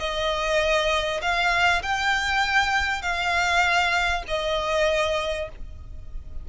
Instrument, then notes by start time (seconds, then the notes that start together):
violin
0.00 D#5
1.22 F5
1.83 G5
3.02 F5
4.28 D#5